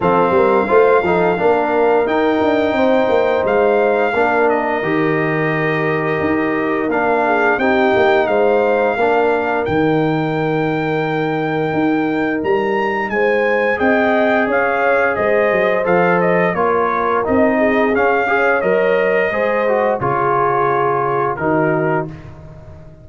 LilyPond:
<<
  \new Staff \with { instrumentName = "trumpet" } { \time 4/4 \tempo 4 = 87 f''2. g''4~ | g''4 f''4. dis''4.~ | dis''2 f''4 g''4 | f''2 g''2~ |
g''2 ais''4 gis''4 | g''4 f''4 dis''4 f''8 dis''8 | cis''4 dis''4 f''4 dis''4~ | dis''4 cis''2 ais'4 | }
  \new Staff \with { instrumentName = "horn" } { \time 4/4 a'8 ais'8 c''8 a'8 ais'2 | c''2 ais'2~ | ais'2~ ais'8 gis'8 g'4 | c''4 ais'2.~ |
ais'2. c''4 | dis''4 cis''4 c''2 | ais'4. gis'4 cis''4. | c''4 gis'2 fis'4 | }
  \new Staff \with { instrumentName = "trombone" } { \time 4/4 c'4 f'8 dis'8 d'4 dis'4~ | dis'2 d'4 g'4~ | g'2 d'4 dis'4~ | dis'4 d'4 dis'2~ |
dis'1 | gis'2. a'4 | f'4 dis'4 cis'8 gis'8 ais'4 | gis'8 fis'8 f'2 dis'4 | }
  \new Staff \with { instrumentName = "tuba" } { \time 4/4 f8 g8 a8 f8 ais4 dis'8 d'8 | c'8 ais8 gis4 ais4 dis4~ | dis4 dis'4 ais4 c'8 ais8 | gis4 ais4 dis2~ |
dis4 dis'4 g4 gis4 | c'4 cis'4 gis8 fis8 f4 | ais4 c'4 cis'4 fis4 | gis4 cis2 dis4 | }
>>